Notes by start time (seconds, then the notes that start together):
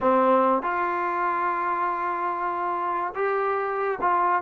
0.00 C4
0.62 F4
3.14 G4
4.01 F4